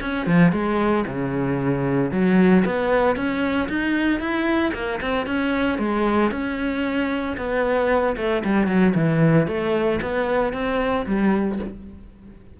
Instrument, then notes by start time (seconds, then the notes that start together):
cello
0.00 C#4
0.26 F3
0.52 G#3
1.07 C#3
2.11 F#3
2.65 B3
3.16 C#4
3.69 D#4
4.20 E4
4.74 A#3
5.01 C4
5.26 C#4
5.78 G#3
6.31 C#4
7.37 B3
8.17 A3
8.44 G3
8.67 F#3
8.94 E3
9.47 A3
10.01 B3
10.53 C4
11.06 G3